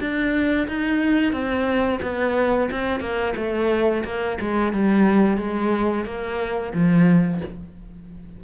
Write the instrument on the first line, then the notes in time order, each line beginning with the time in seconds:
cello
0.00 D4
0.68 D#4
1.32 C4
2.02 B3
2.71 C4
3.00 A#3
3.36 A3
4.04 A#3
4.41 G#3
4.73 G3
5.37 G#3
6.05 A#3
6.74 F3